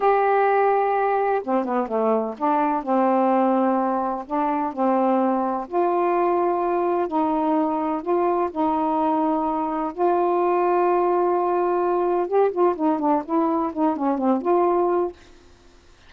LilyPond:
\new Staff \with { instrumentName = "saxophone" } { \time 4/4 \tempo 4 = 127 g'2. c'8 b8 | a4 d'4 c'2~ | c'4 d'4 c'2 | f'2. dis'4~ |
dis'4 f'4 dis'2~ | dis'4 f'2.~ | f'2 g'8 f'8 dis'8 d'8 | e'4 dis'8 cis'8 c'8 f'4. | }